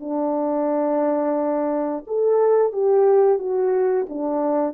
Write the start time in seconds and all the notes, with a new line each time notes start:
0.00 D4
2.07 A4
2.73 G4
3.39 F#4
4.09 D4